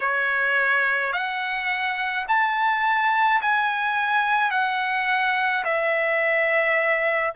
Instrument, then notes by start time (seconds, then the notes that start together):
trumpet
0.00 C#5
1.12 F#5
2.27 A5
3.41 G#5
4.50 F#5
5.64 E5